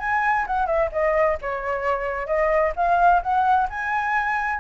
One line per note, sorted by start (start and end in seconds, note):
0.00 0.46 G#5
0.47 0.67 F#5
0.67 0.90 E5
0.92 1.38 D#5
1.42 2.27 C#5
2.27 2.73 D#5
2.77 3.22 F5
3.23 3.68 F#5
3.70 4.60 G#5